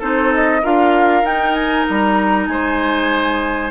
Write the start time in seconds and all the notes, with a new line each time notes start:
0.00 C4 D#4 A4 C5
0.35 D#5
0.63 D4 F4 A#4 F5
1.23 D#4 G5
1.55 G#5
1.90 G3 A#5
2.47 G#3 C5 G#5